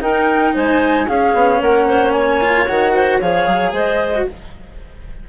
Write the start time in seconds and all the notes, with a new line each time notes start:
0.00 D#4 A#4 G5
0.54 G#3 C5 G#5
1.07 C#4 G#4 F5
1.34 B3
1.60 A#3 A#4 F#5
1.87 C5
2.12 C#5 G#5
2.40 F4
2.67 D#3 F#4 F#5
2.94 C5
3.19 F3 G#4 C#5 F5
3.47 F#3
3.72 G#3 C5 D#5
4.14 F#4